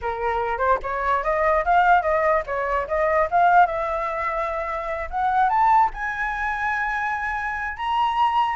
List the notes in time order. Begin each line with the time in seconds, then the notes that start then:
0.01 A#4
0.58 C5
0.82 C#5
1.23 D#5
1.64 F5
2.01 D#5
2.46 C#5
2.87 D#5
3.30 F5
3.66 E5
5.10 F#5
5.49 A5
5.93 G#5
7.77 A#5